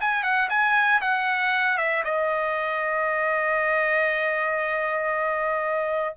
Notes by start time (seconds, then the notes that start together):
0.00 G#5
0.23 F#5
0.49 G#5
1.01 F#5
1.77 E5
2.04 D#5